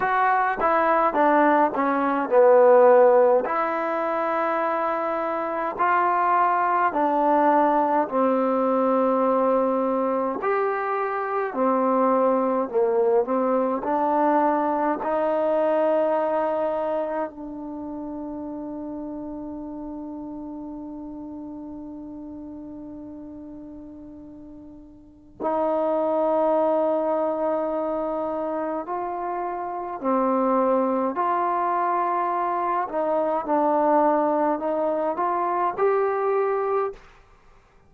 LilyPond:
\new Staff \with { instrumentName = "trombone" } { \time 4/4 \tempo 4 = 52 fis'8 e'8 d'8 cis'8 b4 e'4~ | e'4 f'4 d'4 c'4~ | c'4 g'4 c'4 ais8 c'8 | d'4 dis'2 d'4~ |
d'1~ | d'2 dis'2~ | dis'4 f'4 c'4 f'4~ | f'8 dis'8 d'4 dis'8 f'8 g'4 | }